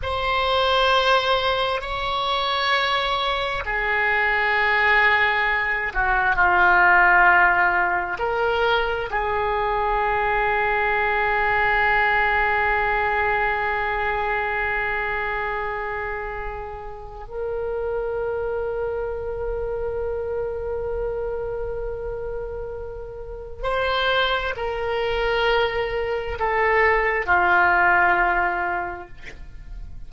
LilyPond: \new Staff \with { instrumentName = "oboe" } { \time 4/4 \tempo 4 = 66 c''2 cis''2 | gis'2~ gis'8 fis'8 f'4~ | f'4 ais'4 gis'2~ | gis'1~ |
gis'2. ais'4~ | ais'1~ | ais'2 c''4 ais'4~ | ais'4 a'4 f'2 | }